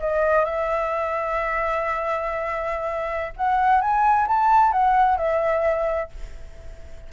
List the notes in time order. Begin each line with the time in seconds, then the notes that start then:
0.00 D#5
0.45 E5
3.37 F#5
3.81 G#5
4.28 A5
4.72 F#5
5.18 E5